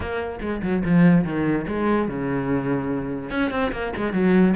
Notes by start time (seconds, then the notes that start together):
0.00 A#3
0.41 G#3
0.62 F#3
0.84 F3
1.24 D#3
1.67 G#3
2.08 C#3
3.30 C#4
3.50 C4
3.72 A#3
3.96 G#3
4.13 F#3